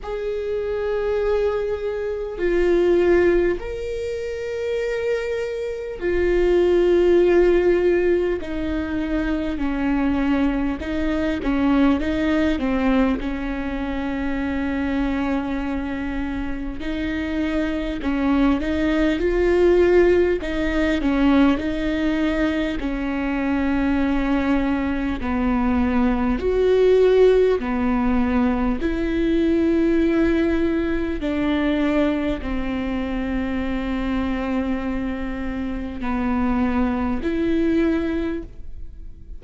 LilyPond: \new Staff \with { instrumentName = "viola" } { \time 4/4 \tempo 4 = 50 gis'2 f'4 ais'4~ | ais'4 f'2 dis'4 | cis'4 dis'8 cis'8 dis'8 c'8 cis'4~ | cis'2 dis'4 cis'8 dis'8 |
f'4 dis'8 cis'8 dis'4 cis'4~ | cis'4 b4 fis'4 b4 | e'2 d'4 c'4~ | c'2 b4 e'4 | }